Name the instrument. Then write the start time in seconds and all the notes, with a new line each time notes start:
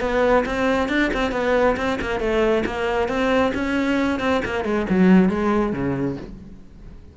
cello
0.00 B3
0.46 C4
0.89 D4
1.13 C4
1.31 B3
1.76 C4
2.01 A#3
2.20 A3
2.65 A#3
3.08 C4
3.54 C#4
4.19 C4
4.45 A#3
4.64 G#3
4.89 F#3
5.29 G#3
5.73 C#3